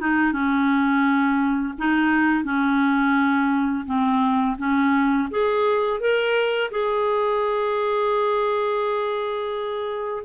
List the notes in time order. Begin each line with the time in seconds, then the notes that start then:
0.00 D#4
0.32 C#4
1.78 D#4
2.44 C#4
3.86 C4
4.58 C#4
5.30 G#4
6.00 A#4
6.71 G#4